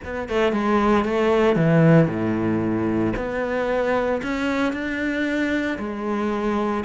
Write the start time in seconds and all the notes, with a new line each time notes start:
0.04 B3
0.28 A3
0.52 G#3
1.04 A3
1.56 E3
2.07 A2
3.16 B3
4.22 C#4
4.72 D4
5.78 G#3